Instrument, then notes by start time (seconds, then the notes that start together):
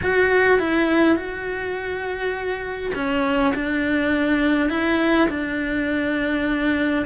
cello
0.02 F#4
0.59 E4
1.16 F#4
2.94 C#4
3.54 D4
4.69 E4
5.29 D4